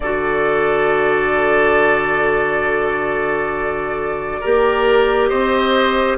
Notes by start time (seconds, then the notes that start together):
0.00 D3 F#4 A4 D5
4.40 A#3 G4 A#4
5.28 C4 C5 D#5